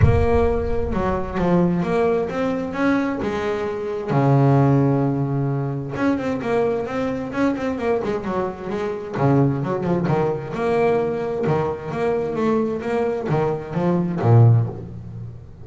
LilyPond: \new Staff \with { instrumentName = "double bass" } { \time 4/4 \tempo 4 = 131 ais2 fis4 f4 | ais4 c'4 cis'4 gis4~ | gis4 cis2.~ | cis4 cis'8 c'8 ais4 c'4 |
cis'8 c'8 ais8 gis8 fis4 gis4 | cis4 fis8 f8 dis4 ais4~ | ais4 dis4 ais4 a4 | ais4 dis4 f4 ais,4 | }